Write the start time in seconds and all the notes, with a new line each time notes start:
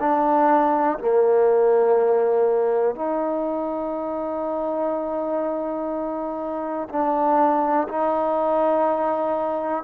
0.00 D4
0.98 A#3
2.95 D#4
6.89 D4
7.88 D#4